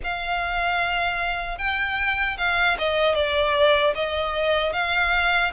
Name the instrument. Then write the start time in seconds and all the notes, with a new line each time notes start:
violin
0.03 F5
1.58 G5
2.37 F5
2.78 D#5
3.14 D5
3.94 D#5
4.73 F5